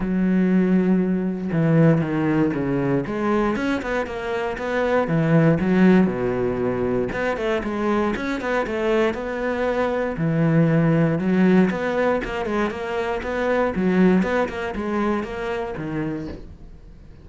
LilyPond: \new Staff \with { instrumentName = "cello" } { \time 4/4 \tempo 4 = 118 fis2. e4 | dis4 cis4 gis4 cis'8 b8 | ais4 b4 e4 fis4 | b,2 b8 a8 gis4 |
cis'8 b8 a4 b2 | e2 fis4 b4 | ais8 gis8 ais4 b4 fis4 | b8 ais8 gis4 ais4 dis4 | }